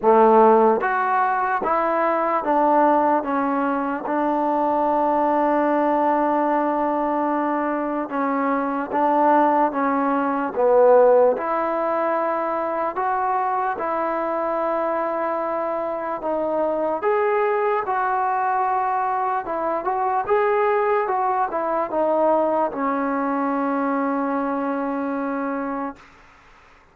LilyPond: \new Staff \with { instrumentName = "trombone" } { \time 4/4 \tempo 4 = 74 a4 fis'4 e'4 d'4 | cis'4 d'2.~ | d'2 cis'4 d'4 | cis'4 b4 e'2 |
fis'4 e'2. | dis'4 gis'4 fis'2 | e'8 fis'8 gis'4 fis'8 e'8 dis'4 | cis'1 | }